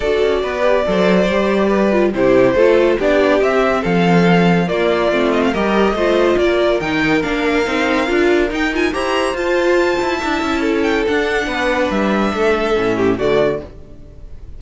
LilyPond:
<<
  \new Staff \with { instrumentName = "violin" } { \time 4/4 \tempo 4 = 141 d''1~ | d''4 c''2 d''4 | e''4 f''2 d''4~ | d''8 dis''16 f''16 dis''2 d''4 |
g''4 f''2. | g''8 gis''8 ais''4 a''2~ | a''4. g''8 fis''2 | e''2. d''4 | }
  \new Staff \with { instrumentName = "violin" } { \time 4/4 a'4 b'4 c''2 | b'4 g'4 a'4 g'4~ | g'4 a'2 f'4~ | f'4 ais'4 c''4 ais'4~ |
ais'1~ | ais'4 c''2. | e''4 a'2 b'4~ | b'4 a'4. g'8 fis'4 | }
  \new Staff \with { instrumentName = "viola" } { \time 4/4 fis'4. g'8 a'4 g'4~ | g'8 f'8 e'4 f'4 d'4 | c'2. ais4 | c'4 g'4 f'2 |
dis'4 d'4 dis'4 f'4 | dis'8 f'8 g'4 f'2 | e'2 d'2~ | d'2 cis'4 a4 | }
  \new Staff \with { instrumentName = "cello" } { \time 4/4 d'8 cis'8 b4 fis4 g4~ | g4 c4 a4 b4 | c'4 f2 ais4 | a4 g4 a4 ais4 |
dis4 ais4 c'4 d'4 | dis'4 e'4 f'4. e'8 | d'8 cis'4. d'4 b4 | g4 a4 a,4 d4 | }
>>